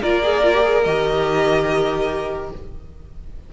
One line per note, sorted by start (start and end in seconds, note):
0.00 0.85 A#3
0.00 0.22 F4
0.00 2.50 A#4
0.00 0.83 D5
0.22 0.43 G#4
0.44 0.53 F4
0.53 0.63 G4
0.63 0.84 G#4
0.83 2.52 D#3
0.83 2.53 G4
0.83 2.50 D#5